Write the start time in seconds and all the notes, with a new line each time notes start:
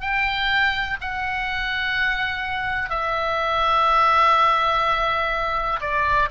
0.00 G5
1.01 F#5
2.89 E5
5.81 D5